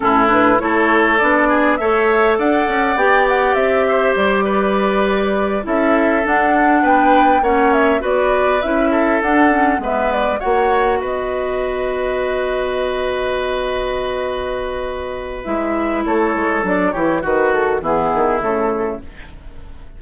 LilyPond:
<<
  \new Staff \with { instrumentName = "flute" } { \time 4/4 \tempo 4 = 101 a'8 b'8 cis''4 d''4 e''4 | fis''4 g''8 fis''8 e''4 d''4~ | d''4. e''4 fis''4 g''8~ | g''8 fis''8 e''8 d''4 e''4 fis''8~ |
fis''8 e''8 d''8 fis''4 dis''4.~ | dis''1~ | dis''2 e''4 cis''4 | d''8 cis''8 b'8 a'8 gis'4 a'4 | }
  \new Staff \with { instrumentName = "oboe" } { \time 4/4 e'4 a'4. gis'8 cis''4 | d''2~ d''8 c''4 b'8~ | b'4. a'2 b'8~ | b'8 cis''4 b'4. a'4~ |
a'8 b'4 cis''4 b'4.~ | b'1~ | b'2. a'4~ | a'8 g'8 fis'4 e'2 | }
  \new Staff \with { instrumentName = "clarinet" } { \time 4/4 cis'8 d'8 e'4 d'4 a'4~ | a'4 g'2.~ | g'4. e'4 d'4.~ | d'8 cis'4 fis'4 e'4 d'8 |
cis'8 b4 fis'2~ fis'8~ | fis'1~ | fis'2 e'2 | d'8 e'8 fis'4 b4 a4 | }
  \new Staff \with { instrumentName = "bassoon" } { \time 4/4 a,4 a4 b4 a4 | d'8 cis'8 b4 c'4 g4~ | g4. cis'4 d'4 b8~ | b8 ais4 b4 cis'4 d'8~ |
d'8 gis4 ais4 b4.~ | b1~ | b2 gis4 a8 gis8 | fis8 e8 dis4 e8 dis8 cis4 | }
>>